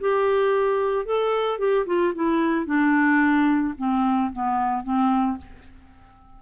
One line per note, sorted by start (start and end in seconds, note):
0.00 1.05 G4
1.05 1.59 A4
1.59 1.86 G4
1.86 2.13 F4
2.14 2.66 E4
2.66 3.74 D4
3.78 4.32 C4
4.33 4.83 B3
4.83 5.37 C4